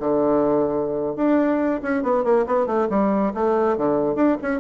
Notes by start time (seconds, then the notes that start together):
0.00 D3
1.16 D4
1.83 C#4
2.03 B3
2.24 A#3
2.47 B3
2.67 A3
2.90 G3
3.34 A3
3.77 D3
4.15 D4
4.42 C#4